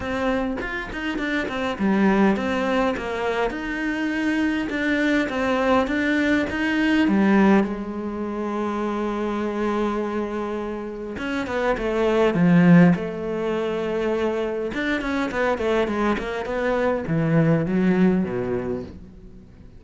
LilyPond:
\new Staff \with { instrumentName = "cello" } { \time 4/4 \tempo 4 = 102 c'4 f'8 dis'8 d'8 c'8 g4 | c'4 ais4 dis'2 | d'4 c'4 d'4 dis'4 | g4 gis2.~ |
gis2. cis'8 b8 | a4 f4 a2~ | a4 d'8 cis'8 b8 a8 gis8 ais8 | b4 e4 fis4 b,4 | }